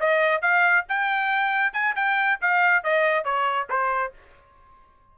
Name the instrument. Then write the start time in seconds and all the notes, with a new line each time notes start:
trumpet
0.00 D#5
0.42 F5
0.89 G5
1.73 G#5
1.96 G5
2.41 F5
2.84 D#5
3.24 C#5
3.69 C5